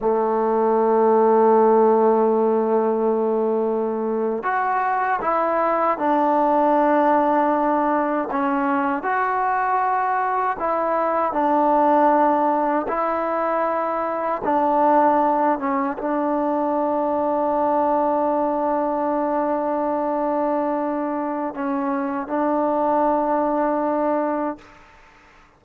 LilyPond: \new Staff \with { instrumentName = "trombone" } { \time 4/4 \tempo 4 = 78 a1~ | a4.~ a16 fis'4 e'4 d'16~ | d'2~ d'8. cis'4 fis'16~ | fis'4.~ fis'16 e'4 d'4~ d'16~ |
d'8. e'2 d'4~ d'16~ | d'16 cis'8 d'2.~ d'16~ | d'1 | cis'4 d'2. | }